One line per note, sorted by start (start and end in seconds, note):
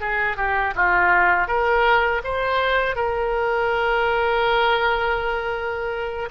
0.00 0.37 G#4
0.37 0.74 G4
0.75 1.47 F4
1.47 2.22 A#4
2.24 2.96 C5
2.96 6.29 A#4